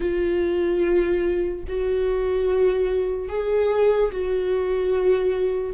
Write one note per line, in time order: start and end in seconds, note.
0.00 1.64 F4
1.68 3.28 F#4
3.28 4.11 G#4
4.11 5.74 F#4